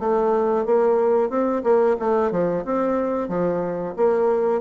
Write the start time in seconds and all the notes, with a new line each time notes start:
0.00 A3
0.66 A#3
1.30 C4
1.64 A#3
2.00 A3
2.32 F3
2.65 C4
3.29 F3
3.97 A#3